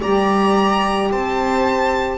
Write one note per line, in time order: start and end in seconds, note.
0.00 1.11 G3
0.00 2.17 G4
0.00 1.09 D5
0.00 1.11 A#5
1.11 2.17 C4
1.11 2.17 C5
1.11 2.17 A5